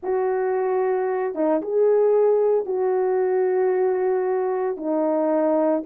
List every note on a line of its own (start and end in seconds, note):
0.03 1.34 F#4
1.34 1.61 D#4
1.61 2.65 G#4
2.65 4.76 F#4
4.76 5.83 D#4